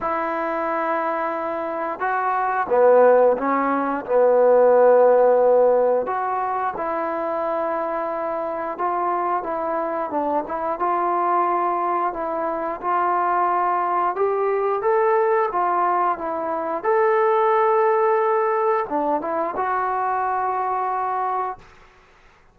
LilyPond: \new Staff \with { instrumentName = "trombone" } { \time 4/4 \tempo 4 = 89 e'2. fis'4 | b4 cis'4 b2~ | b4 fis'4 e'2~ | e'4 f'4 e'4 d'8 e'8 |
f'2 e'4 f'4~ | f'4 g'4 a'4 f'4 | e'4 a'2. | d'8 e'8 fis'2. | }